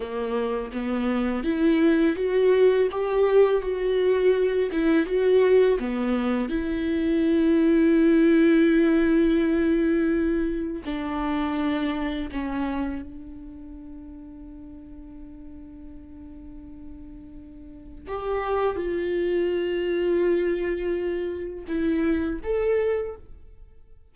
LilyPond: \new Staff \with { instrumentName = "viola" } { \time 4/4 \tempo 4 = 83 ais4 b4 e'4 fis'4 | g'4 fis'4. e'8 fis'4 | b4 e'2.~ | e'2. d'4~ |
d'4 cis'4 d'2~ | d'1~ | d'4 g'4 f'2~ | f'2 e'4 a'4 | }